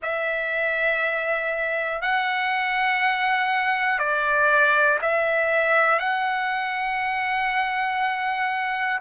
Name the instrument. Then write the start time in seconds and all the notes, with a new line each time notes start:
trumpet
0.02 E5
2.01 F#5
3.99 D5
5.01 E5
5.99 F#5